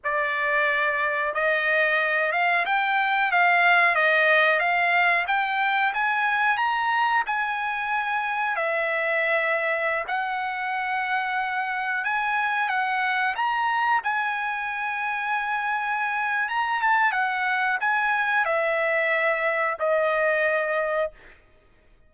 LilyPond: \new Staff \with { instrumentName = "trumpet" } { \time 4/4 \tempo 4 = 91 d''2 dis''4. f''8 | g''4 f''4 dis''4 f''4 | g''4 gis''4 ais''4 gis''4~ | gis''4 e''2~ e''16 fis''8.~ |
fis''2~ fis''16 gis''4 fis''8.~ | fis''16 ais''4 gis''2~ gis''8.~ | gis''4 ais''8 a''8 fis''4 gis''4 | e''2 dis''2 | }